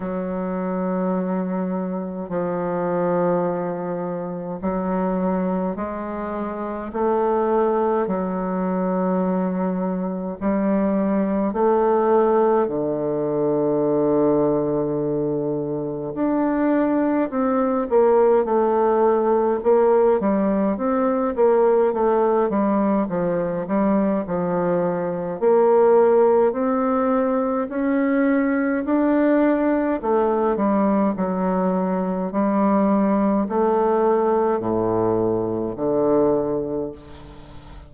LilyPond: \new Staff \with { instrumentName = "bassoon" } { \time 4/4 \tempo 4 = 52 fis2 f2 | fis4 gis4 a4 fis4~ | fis4 g4 a4 d4~ | d2 d'4 c'8 ais8 |
a4 ais8 g8 c'8 ais8 a8 g8 | f8 g8 f4 ais4 c'4 | cis'4 d'4 a8 g8 fis4 | g4 a4 a,4 d4 | }